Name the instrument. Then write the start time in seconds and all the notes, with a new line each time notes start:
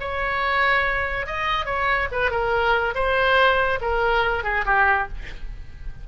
oboe
0.00 C#5
1.27 D#5
1.66 C#5
2.12 B4
2.31 A#4
2.95 C5
3.81 A#4
4.44 G#4
4.66 G4